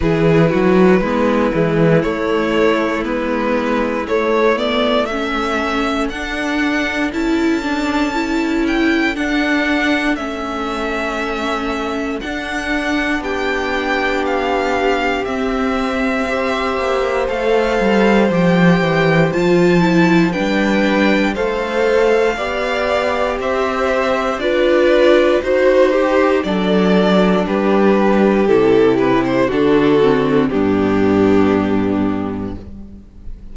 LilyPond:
<<
  \new Staff \with { instrumentName = "violin" } { \time 4/4 \tempo 4 = 59 b'2 cis''4 b'4 | cis''8 d''8 e''4 fis''4 a''4~ | a''8 g''8 fis''4 e''2 | fis''4 g''4 f''4 e''4~ |
e''4 f''4 g''4 a''4 | g''4 f''2 e''4 | d''4 c''4 d''4 b'4 | a'8 b'16 c''16 a'4 g'2 | }
  \new Staff \with { instrumentName = "violin" } { \time 4/4 gis'8 fis'8 e'2.~ | e'4 a'2.~ | a'1~ | a'4 g'2. |
c''1 | b'4 c''4 d''4 c''4 | b'4 c''8 g'8 a'4 g'4~ | g'4 fis'4 d'2 | }
  \new Staff \with { instrumentName = "viola" } { \time 4/4 e'4 b8 gis8 a4 b4 | a8 b8 cis'4 d'4 e'8 d'8 | e'4 d'4 cis'2 | d'2. c'4 |
g'4 a'4 g'4 f'8 e'8 | d'4 a'4 g'2 | f'4 fis'8 g'8 d'2 | e'4 d'8 c'8 b2 | }
  \new Staff \with { instrumentName = "cello" } { \time 4/4 e8 fis8 gis8 e8 a4 gis4 | a2 d'4 cis'4~ | cis'4 d'4 a2 | d'4 b2 c'4~ |
c'8 ais8 a8 g8 f8 e8 f4 | g4 a4 b4 c'4 | d'4 dis'4 fis4 g4 | c4 d4 g,2 | }
>>